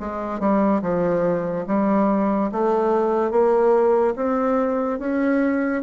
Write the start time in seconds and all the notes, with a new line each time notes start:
0.00 G#3
0.40 G3
0.82 F3
1.67 G3
2.52 A3
3.31 A#3
4.16 C4
4.99 C#4